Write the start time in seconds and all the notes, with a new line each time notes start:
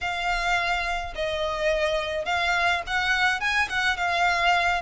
0.01 F5
1.15 D#5
2.25 F5
2.86 F#5
3.40 G#5
3.69 F#5
3.96 F5